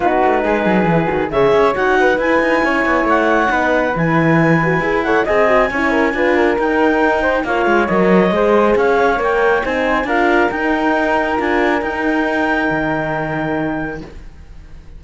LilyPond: <<
  \new Staff \with { instrumentName = "clarinet" } { \time 4/4 \tempo 4 = 137 b'2. e''4 | fis''4 gis''2 fis''4~ | fis''4 gis''2~ gis''8 fis''8 | gis''2. g''4~ |
g''4 f''4 dis''2 | f''4 g''4 gis''4 f''4 | g''2 gis''4 g''4~ | g''1 | }
  \new Staff \with { instrumentName = "flute" } { \time 4/4 fis'4 gis'2 cis''4~ | cis''8 b'4. cis''2 | b'2.~ b'8 cis''8 | dis''4 cis''8 ais'8 b'8 ais'4.~ |
ais'8 c''8 cis''2 c''4 | cis''2 c''4 ais'4~ | ais'1~ | ais'1 | }
  \new Staff \with { instrumentName = "horn" } { \time 4/4 dis'2 e'8 fis'8 gis'4 | fis'4 e'2. | dis'4 e'4. fis'8 gis'8 a'8 | gis'8 fis'8 e'4 f'4 dis'4~ |
dis'4 f'4 ais'4 gis'4~ | gis'4 ais'4 dis'4 f'4 | dis'2 f'4 dis'4~ | dis'1 | }
  \new Staff \with { instrumentName = "cello" } { \time 4/4 b8 a8 gis8 fis8 e8 dis8 cis8 cis'8 | dis'4 e'8 dis'8 cis'8 b8 a4 | b4 e2 e'4 | c'4 cis'4 d'4 dis'4~ |
dis'4 ais8 gis8 fis4 gis4 | cis'4 ais4 c'4 d'4 | dis'2 d'4 dis'4~ | dis'4 dis2. | }
>>